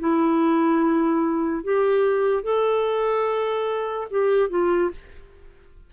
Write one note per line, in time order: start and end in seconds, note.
0.00 1.64 E4
1.64 2.43 G4
2.43 4.08 A4
4.11 4.50 G4
4.50 4.91 F4